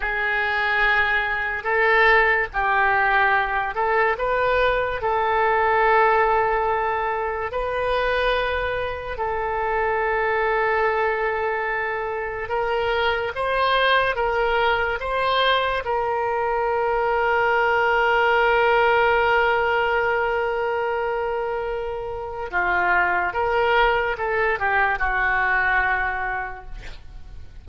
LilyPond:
\new Staff \with { instrumentName = "oboe" } { \time 4/4 \tempo 4 = 72 gis'2 a'4 g'4~ | g'8 a'8 b'4 a'2~ | a'4 b'2 a'4~ | a'2. ais'4 |
c''4 ais'4 c''4 ais'4~ | ais'1~ | ais'2. f'4 | ais'4 a'8 g'8 fis'2 | }